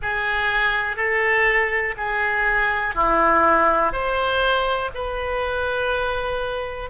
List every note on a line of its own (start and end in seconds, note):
0.01 0.96 G#4
0.96 1.94 A4
1.97 2.95 G#4
2.95 3.92 E4
3.92 4.90 C5
4.94 6.90 B4